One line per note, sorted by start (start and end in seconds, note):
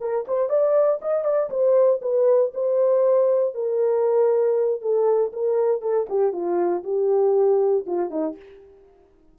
0.00 0.25 A#4
0.27 0.49 C5
0.49 1.00 D5
1.01 1.24 D#5
1.24 1.50 D5
1.50 2.01 C5
2.01 2.52 B4
2.54 3.54 C5
3.54 4.81 A#4
4.81 5.32 A4
5.33 5.81 A#4
5.81 6.07 A4
6.09 6.32 G4
6.32 6.83 F4
6.83 7.85 G4
7.86 8.10 F4
8.10 8.36 D#4